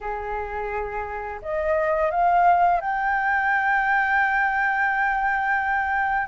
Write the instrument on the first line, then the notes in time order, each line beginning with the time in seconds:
flute
0.00 G#4
1.41 D#5
2.11 F5
2.80 G5